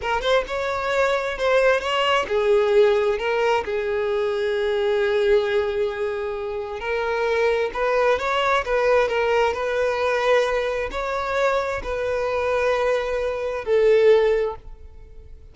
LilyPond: \new Staff \with { instrumentName = "violin" } { \time 4/4 \tempo 4 = 132 ais'8 c''8 cis''2 c''4 | cis''4 gis'2 ais'4 | gis'1~ | gis'2. ais'4~ |
ais'4 b'4 cis''4 b'4 | ais'4 b'2. | cis''2 b'2~ | b'2 a'2 | }